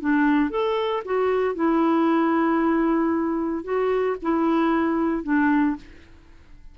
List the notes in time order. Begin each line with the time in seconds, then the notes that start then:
0.00 D4
0.50 A4
1.05 F#4
1.55 E4
3.64 F#4
4.22 E4
5.23 D4